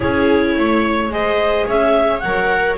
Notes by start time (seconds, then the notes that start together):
0.00 C#4 E4 G#4 C#5
0.57 A3 C#5
1.09 G#3 G#4 C5 D#5
1.66 C#4 C#5 E5
2.19 F#3 A#4 F#5